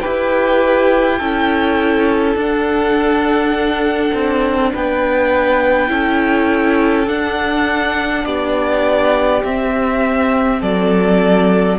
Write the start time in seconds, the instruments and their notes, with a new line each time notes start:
0.00 cello E4, viola G4, violin B4 G5
1.18 cello C#4, viola E4, violin A4
2.35 cello D4, viola D4, violin F#5
4.14 cello C4
4.72 cello B3, violin B4 G5
5.87 cello C#4, viola E4, violin A4
7.06 viola D4, cello D4, violin F#5
8.25 cello B3, violin G4 D5
9.43 cello C4, viola C4, violin E5
10.60 cello F#3, violin A4 D5